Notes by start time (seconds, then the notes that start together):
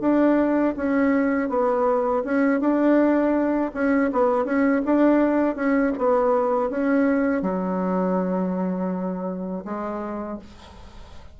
0.00 D4
0.76 C#4
1.49 B3
2.24 C#4
2.60 D4
3.74 C#4
4.12 B3
4.44 C#4
4.85 D4
5.55 C#4
5.98 B3
6.70 C#4
7.41 F#3
9.64 G#3